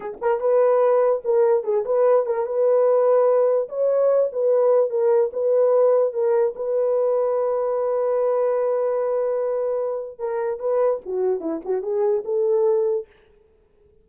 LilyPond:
\new Staff \with { instrumentName = "horn" } { \time 4/4 \tempo 4 = 147 gis'8 ais'8 b'2 ais'4 | gis'8 b'4 ais'8 b'2~ | b'4 cis''4. b'4. | ais'4 b'2 ais'4 |
b'1~ | b'1~ | b'4 ais'4 b'4 fis'4 | e'8 fis'8 gis'4 a'2 | }